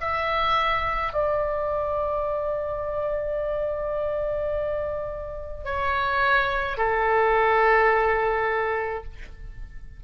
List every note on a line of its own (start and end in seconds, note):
0.00 1.13 E5
1.13 5.64 D5
5.64 6.77 C#5
6.77 9.04 A4